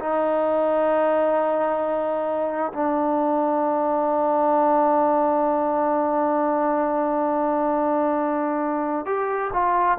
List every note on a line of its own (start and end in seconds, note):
0.00 2.73 D#4
2.74 9.06 D4
9.06 9.51 G4
9.53 9.98 F4